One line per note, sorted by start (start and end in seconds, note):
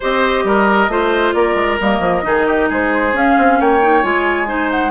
0.00 0.44 C4
0.00 0.90 G4
0.00 0.43 C5
0.00 1.33 D#5
0.44 0.87 G3
0.44 0.91 A#4
0.87 1.32 A3
0.87 1.79 F4
0.87 1.35 C5
1.33 1.54 A#3
1.33 2.25 A#4
1.33 1.78 D5
1.54 1.77 G#3
1.80 1.99 G3
1.80 2.22 A#3
1.80 2.70 D#5
1.99 2.21 F3
2.22 2.69 D#3
2.22 3.12 D#4
2.22 2.46 G#4
2.46 2.68 G4
2.68 3.13 G#3
2.68 3.58 G#4
2.68 3.17 C5
3.13 3.35 C#4
3.13 3.81 C#4
3.13 3.60 F5
3.38 3.60 C4
3.59 4.03 A#3
3.59 4.48 C#5
3.59 4.02 G5
3.81 4.02 D#4
4.02 4.91 G#3
4.02 4.47 F4
4.02 4.70 G#5
4.47 4.91 D#4
4.47 4.91 C5
4.70 4.91 F#5